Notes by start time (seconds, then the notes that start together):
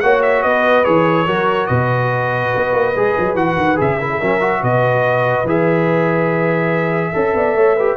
0.00 A#3 F#4 C#5 F#5
0.22 E5
0.42 B3 B4 D#5
0.84 E3 G#4 C#5
1.26 F#3 F#4 A#4
1.66 B2 B4 D#5
2.55 B3
2.73 A#3
2.95 G#3 G#4
3.18 F#3
3.35 E3 F#4 F#5
3.57 D#3
3.75 C#3 G#4 E5
3.99 E4 A#4
4.11 G#4
4.18 F#3 C#4 A#4
4.40 F#4
4.61 B2 B4 D#5
5.44 E3 G#4 E5
7.12 C#4 A4
7.33 B3 D5
7.54 A3 C#5
7.76 G4 B4